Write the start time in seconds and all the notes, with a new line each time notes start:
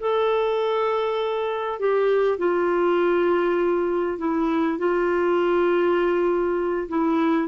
0.00 A4
1.79 G4
2.38 F4
4.18 E4
4.78 F4
6.89 E4